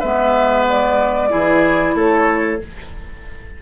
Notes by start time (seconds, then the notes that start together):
0.00 G#3 B3 B4 E5
0.69 D5
1.30 E3 E4 G#4
1.95 A3 A4 C#5